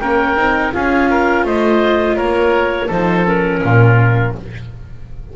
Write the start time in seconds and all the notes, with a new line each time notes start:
0.00 A#3 C#4 A#4 G5
0.36 C4 D#4
0.72 C#4 F4 G#4 F5
1.10 A#4
1.45 A3 C5 D#5
2.16 A#3 A#4 C#5
2.87 F3 D#4 A4 C5
3.25 C#4 A#4
3.63 A#2 F4